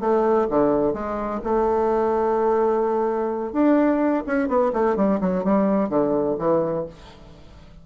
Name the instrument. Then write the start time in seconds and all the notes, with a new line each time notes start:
bassoon
0.00 A3
0.50 D3
0.93 G#3
1.43 A3
3.52 D4
4.26 C#4
4.48 B3
4.73 A3
4.96 G3
5.21 F#3
5.44 G3
5.89 D3
6.38 E3